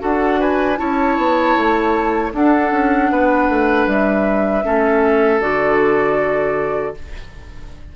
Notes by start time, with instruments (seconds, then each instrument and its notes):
0.00 bassoon D4, clarinet F#4, oboe A4, flute F#5
0.40 oboe B4, flute G#5
0.78 bassoon C#4, clarinet E4, oboe C#5, flute A5
1.18 bassoon B3
1.57 bassoon A3
2.33 bassoon D4, clarinet D4, oboe A4, flute F#5
2.72 bassoon C#4
3.11 bassoon B3, oboe B4
3.49 bassoon A3
3.87 bassoon G3, flute E5
4.64 bassoon A3, clarinet C#4, oboe A4
5.41 bassoon D3, clarinet F#4, flute D5